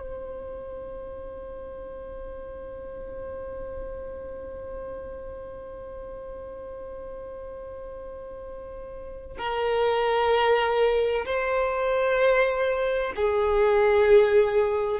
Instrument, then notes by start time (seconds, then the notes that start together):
violin
0.00 C5
9.38 A#4
11.26 C5
13.16 G#4